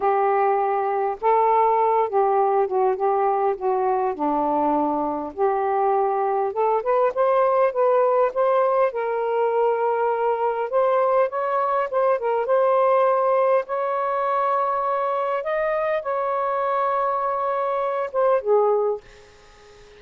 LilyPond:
\new Staff \with { instrumentName = "saxophone" } { \time 4/4 \tempo 4 = 101 g'2 a'4. g'8~ | g'8 fis'8 g'4 fis'4 d'4~ | d'4 g'2 a'8 b'8 | c''4 b'4 c''4 ais'4~ |
ais'2 c''4 cis''4 | c''8 ais'8 c''2 cis''4~ | cis''2 dis''4 cis''4~ | cis''2~ cis''8 c''8 gis'4 | }